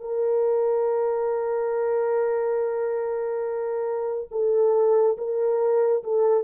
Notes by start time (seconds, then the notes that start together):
0.00 A#4
4.31 A4
5.17 A#4
6.04 A4